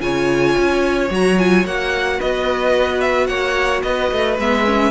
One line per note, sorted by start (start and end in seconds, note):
0.00 0.56 C#3
0.00 1.09 F4
0.00 2.19 C#5
0.00 1.11 G#5
0.58 1.11 C#4
1.11 1.65 F#3
1.11 1.38 F#4
1.11 1.39 A#5
1.39 1.66 F4
1.39 1.66 G#5
1.65 2.20 A#3
1.65 4.40 F#4
1.65 2.21 F#5
2.19 3.29 B3
2.19 3.28 B4
2.19 3.01 D#5
3.01 3.27 E5
3.27 3.83 A#3
3.27 3.84 C#5
3.27 3.82 F#5
3.83 4.12 B3
3.83 4.92 B4
3.83 4.37 D#5
4.12 4.39 A3
4.39 4.92 G#3
4.39 4.66 B3
4.39 4.92 E5
4.66 4.92 C#4